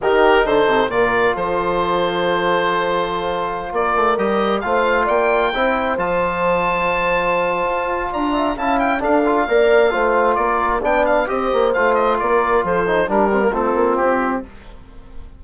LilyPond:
<<
  \new Staff \with { instrumentName = "oboe" } { \time 4/4 \tempo 4 = 133 ais'4 c''4 d''4 c''4~ | c''1~ | c''16 d''4 dis''4 f''4 g''8.~ | g''4~ g''16 a''2~ a''8.~ |
a''2 ais''4 a''8 g''8 | f''2. d''4 | g''8 f''8 dis''4 f''8 dis''8 d''4 | c''4 ais'4 a'4 g'4 | }
  \new Staff \with { instrumentName = "horn" } { \time 4/4 g'4 a'4 ais'4 a'4~ | a'1~ | a'16 ais'2 c''4 d''8.~ | d''16 c''2.~ c''8.~ |
c''2 d''8 e''8 f''4 | a'4 d''4 c''4 ais'4 | d''4 c''2 ais'4 | a'4 g'4 f'2 | }
  \new Staff \with { instrumentName = "trombone" } { \time 4/4 dis'2 f'2~ | f'1~ | f'4~ f'16 g'4 f'4.~ f'16~ | f'16 e'4 f'2~ f'8.~ |
f'2. e'4 | d'8 f'8 ais'4 f'2 | d'4 g'4 f'2~ | f'8 dis'8 d'8 c'16 ais16 c'2 | }
  \new Staff \with { instrumentName = "bassoon" } { \time 4/4 dis4 d8 c8 ais,4 f4~ | f1~ | f16 ais8 a8 g4 a4 ais8.~ | ais16 c'4 f2~ f8.~ |
f4 f'4 d'4 cis'4 | d'4 ais4 a4 ais4 | b4 c'8 ais8 a4 ais4 | f4 g4 a8 ais8 c'4 | }
>>